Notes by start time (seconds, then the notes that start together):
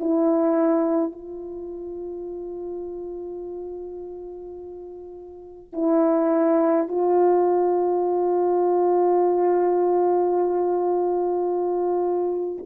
0.00 E4
1.12 F4
5.73 E4
6.88 F4